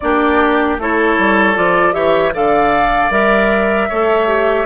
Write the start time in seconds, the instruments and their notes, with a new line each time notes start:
0.00 bassoon A#3, clarinet D4, oboe G4, flute D5
0.78 bassoon A3, clarinet E4, oboe A4, flute C#5
1.18 bassoon G3
1.54 bassoon F3, clarinet F4, flute D5
1.92 bassoon E3, clarinet G4, oboe C#5, flute E5
2.33 bassoon D3, clarinet A4, oboe D5, flute F5
3.09 bassoon G3, clarinet A#4, flute E5
3.88 bassoon A3, clarinet A4, oboe C#5
4.27 clarinet G4